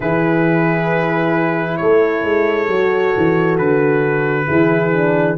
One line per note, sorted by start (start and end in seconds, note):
0.00 1.79 E3
0.00 2.69 E4
0.00 1.78 G#4
0.00 1.76 B4
1.76 2.22 A3
1.76 4.47 A4
1.76 3.55 C#5
2.22 2.67 G#3
2.68 3.13 F#3
2.68 4.47 F#4
3.16 3.58 E3
3.57 4.48 D3
3.57 5.37 B4
4.47 5.38 E3
4.47 4.91 E4
4.47 5.36 G#4
4.92 5.37 D4